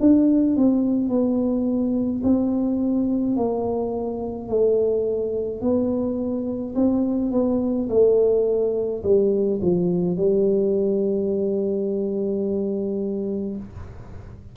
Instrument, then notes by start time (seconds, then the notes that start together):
tuba
0.00 D4
0.56 C4
1.09 B3
2.23 C4
3.36 A#3
4.48 A3
5.61 B3
6.75 C4
7.32 B3
7.89 A3
9.03 G3
9.61 F3
10.17 G3